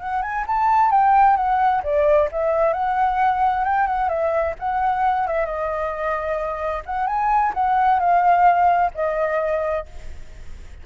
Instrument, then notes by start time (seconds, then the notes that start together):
flute
0.00 F#5
0.22 G#5
0.47 A5
0.91 G5
1.36 F#5
1.83 D5
2.32 E5
2.73 F#5
3.65 G5
3.87 F#5
4.09 E5
4.59 F#5
5.27 E5
5.46 D#5
6.86 F#5
7.07 G#5
7.54 F#5
8.00 F5
8.94 D#5